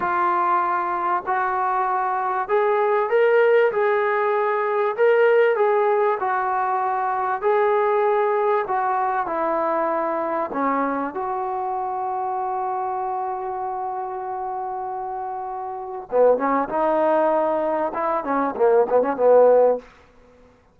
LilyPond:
\new Staff \with { instrumentName = "trombone" } { \time 4/4 \tempo 4 = 97 f'2 fis'2 | gis'4 ais'4 gis'2 | ais'4 gis'4 fis'2 | gis'2 fis'4 e'4~ |
e'4 cis'4 fis'2~ | fis'1~ | fis'2 b8 cis'8 dis'4~ | dis'4 e'8 cis'8 ais8 b16 cis'16 b4 | }